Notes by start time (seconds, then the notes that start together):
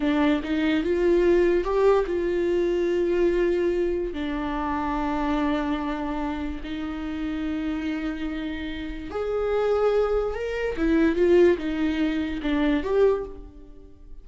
0.00 D4
0.43 D#4
0.83 F4
1.64 G4
2.06 F4
4.13 D4
6.63 D#4
9.10 G#4
10.34 A#4
10.76 E4
11.15 F4
11.57 D#4
12.42 D4
12.83 G4